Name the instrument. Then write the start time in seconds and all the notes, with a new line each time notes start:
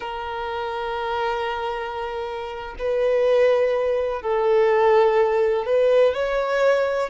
violin
0.00 A#4
2.78 B4
4.22 A4
5.66 B4
6.14 C#5